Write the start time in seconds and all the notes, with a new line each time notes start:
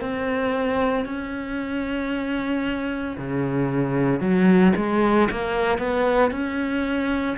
0.00 C4
1.05 C#4
3.17 C#3
4.20 F#3
4.76 G#3
5.31 A#3
5.78 B3
6.31 C#4